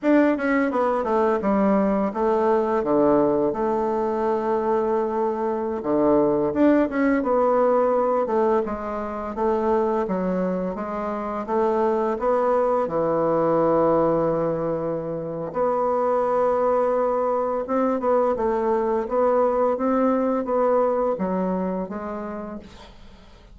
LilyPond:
\new Staff \with { instrumentName = "bassoon" } { \time 4/4 \tempo 4 = 85 d'8 cis'8 b8 a8 g4 a4 | d4 a2.~ | a16 d4 d'8 cis'8 b4. a16~ | a16 gis4 a4 fis4 gis8.~ |
gis16 a4 b4 e4.~ e16~ | e2 b2~ | b4 c'8 b8 a4 b4 | c'4 b4 fis4 gis4 | }